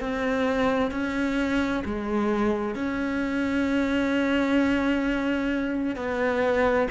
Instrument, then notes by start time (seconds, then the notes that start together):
cello
0.00 C4
0.91 C#4
1.85 G#3
2.75 C#4
5.95 B3